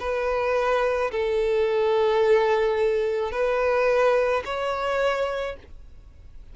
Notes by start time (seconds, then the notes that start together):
0.00 B4
1.11 A4
3.32 B4
4.45 C#5